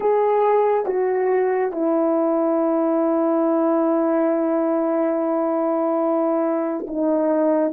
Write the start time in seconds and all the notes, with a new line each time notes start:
0.00 G#4
0.86 F#4
1.71 E4
6.86 D#4